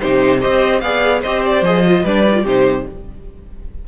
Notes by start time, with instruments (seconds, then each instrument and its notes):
0.00 cello C3, viola D#4, violin G4 C5
0.41 cello C4, viola G4, violin C5 D#5
0.81 cello B3, viola G#4, violin D5 F5
1.22 cello C4, viola G4, violin C5 D#5
1.46 violin D5
1.62 cello F3, viola G#4, violin D#5
1.86 viola F4
2.04 cello G3, viola D4, violin B4 D5
2.28 viola D#4
2.34 viola F4
2.43 cello C3, viola D#4, violin G4 C5